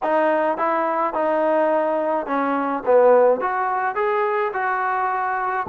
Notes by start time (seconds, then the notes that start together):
0.03 D#4
0.57 E4
1.13 D#4
2.26 C#4
2.85 B3
3.40 F#4
3.95 G#4
4.53 F#4